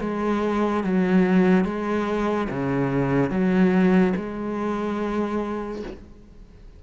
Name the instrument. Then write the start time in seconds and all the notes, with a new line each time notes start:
cello
0.00 G#3
0.83 F#3
1.64 G#3
2.49 C#3
3.30 F#3
4.16 G#3